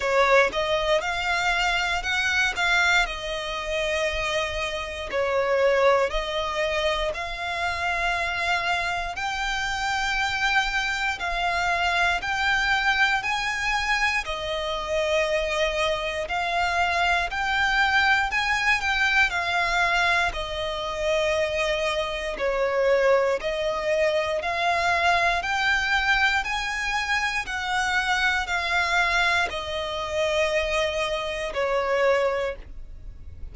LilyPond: \new Staff \with { instrumentName = "violin" } { \time 4/4 \tempo 4 = 59 cis''8 dis''8 f''4 fis''8 f''8 dis''4~ | dis''4 cis''4 dis''4 f''4~ | f''4 g''2 f''4 | g''4 gis''4 dis''2 |
f''4 g''4 gis''8 g''8 f''4 | dis''2 cis''4 dis''4 | f''4 g''4 gis''4 fis''4 | f''4 dis''2 cis''4 | }